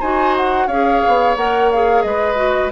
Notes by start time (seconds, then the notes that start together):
0.00 D#4 F#4 C5 G#5
0.37 F#5
0.68 C#4 G#4 C#5 F5
1.07 B3
1.36 A#3 A#4 F#5
1.72 G#4 F5
2.03 G#3 B4 D#5
2.36 F#4